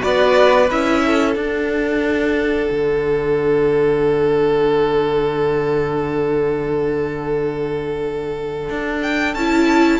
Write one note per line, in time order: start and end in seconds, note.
0.00 0.71 B3
0.00 0.67 F#4
0.00 1.02 B4
0.00 0.70 D5
0.71 1.36 C#4
0.71 1.37 E4
0.71 1.35 E5
1.06 10.00 A4
1.35 2.69 D4
1.35 9.37 D4
1.35 9.02 F#5
2.70 8.70 D3
8.70 9.35 D4
9.03 9.35 G5
9.35 10.00 C#4
9.35 10.00 E4
9.35 10.00 A5